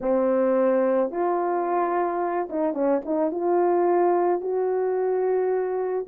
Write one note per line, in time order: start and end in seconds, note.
0.01 1.10 C4
1.10 2.48 F4
2.49 2.73 D#4
2.73 3.01 C#4
3.05 3.31 D#4
3.31 4.41 F4
4.41 6.06 F#4